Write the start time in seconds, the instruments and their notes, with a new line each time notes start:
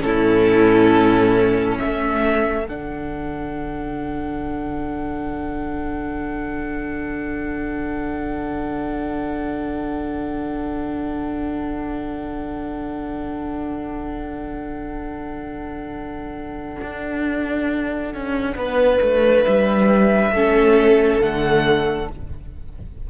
0.00 cello A2, viola C#4, violin E4 A4
1.78 cello A3, violin A4 E5
2.68 cello D3, viola D4, violin F#5
16.82 cello D4
18.14 cello C#4
18.56 cello B3, violin B4
19.01 cello A3
19.44 cello G3, violin E5
20.31 cello A3, viola C#4, violin A4
21.20 cello D3, viola A3, violin F#5